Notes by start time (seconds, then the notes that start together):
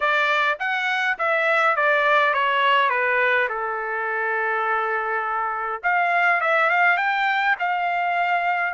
0.00 D5
0.59 F#5
1.18 E5
1.76 D5
2.33 C#5
2.89 B4
3.48 A4
5.83 F5
6.41 E5
6.70 F5
6.97 G5
7.59 F5